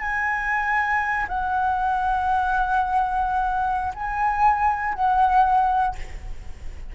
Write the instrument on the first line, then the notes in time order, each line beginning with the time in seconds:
flute
0.00 G#5
1.28 F#5
3.94 G#5
4.94 F#5